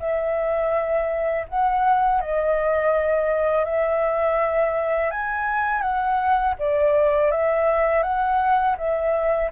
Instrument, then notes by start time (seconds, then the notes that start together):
flute
0.00 E5
1.49 F#5
2.21 D#5
3.65 E5
5.11 G#5
5.82 F#5
6.60 D5
7.32 E5
8.03 F#5
8.78 E5